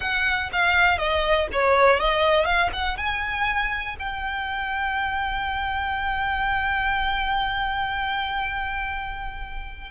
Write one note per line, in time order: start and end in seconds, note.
0.00 0.50 F#5
0.52 0.97 F5
0.97 1.47 D#5
1.52 1.99 C#5
1.99 2.45 D#5
2.45 2.69 F5
2.73 2.97 F#5
2.97 3.96 G#5
3.99 9.90 G5